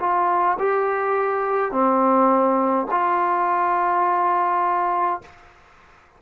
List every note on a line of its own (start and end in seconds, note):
0.00 0.58 F4
0.59 1.72 G4
1.72 2.87 C4
2.91 5.22 F4